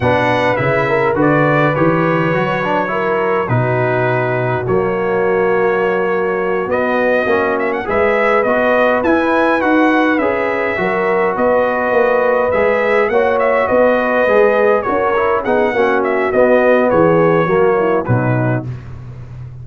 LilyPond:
<<
  \new Staff \with { instrumentName = "trumpet" } { \time 4/4 \tempo 4 = 103 fis''4 e''4 d''4 cis''4~ | cis''2 b'2 | cis''2.~ cis''8 dis''8~ | dis''4 e''16 fis''16 e''4 dis''4 gis''8~ |
gis''8 fis''4 e''2 dis''8~ | dis''4. e''4 fis''8 e''8 dis''8~ | dis''4. cis''4 fis''4 e''8 | dis''4 cis''2 b'4 | }
  \new Staff \with { instrumentName = "horn" } { \time 4/4 b'4. ais'8 b'2~ | b'4 ais'4 fis'2~ | fis'1~ | fis'4. b'2~ b'8~ |
b'2~ b'8 ais'4 b'8~ | b'2~ b'8 cis''4 b'8~ | b'4. ais'4 gis'8 fis'4~ | fis'4 gis'4 fis'8 e'8 dis'4 | }
  \new Staff \with { instrumentName = "trombone" } { \time 4/4 d'4 e'4 fis'4 g'4 | fis'8 d'8 e'4 dis'2 | ais2.~ ais8 b8~ | b8 cis'4 gis'4 fis'4 e'8~ |
e'8 fis'4 gis'4 fis'4.~ | fis'4. gis'4 fis'4.~ | fis'8 gis'4 fis'8 e'8 dis'8 cis'4 | b2 ais4 fis4 | }
  \new Staff \with { instrumentName = "tuba" } { \time 4/4 b,4 cis4 d4 e4 | fis2 b,2 | fis2.~ fis8 b8~ | b8 ais4 gis4 b4 e'8~ |
e'8 dis'4 cis'4 fis4 b8~ | b8 ais4 gis4 ais4 b8~ | b8 gis4 cis'4 b8 ais4 | b4 e4 fis4 b,4 | }
>>